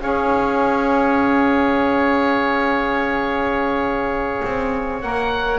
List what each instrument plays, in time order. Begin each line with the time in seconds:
0.00 double bass C#4, saxophone G#4, oboe C#5 F5
4.44 double bass C4
5.01 double bass A#3, saxophone A#4, oboe F#5